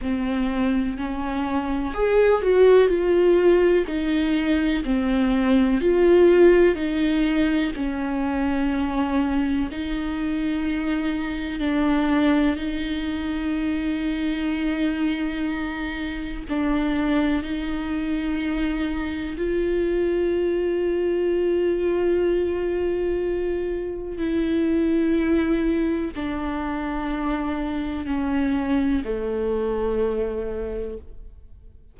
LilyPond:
\new Staff \with { instrumentName = "viola" } { \time 4/4 \tempo 4 = 62 c'4 cis'4 gis'8 fis'8 f'4 | dis'4 c'4 f'4 dis'4 | cis'2 dis'2 | d'4 dis'2.~ |
dis'4 d'4 dis'2 | f'1~ | f'4 e'2 d'4~ | d'4 cis'4 a2 | }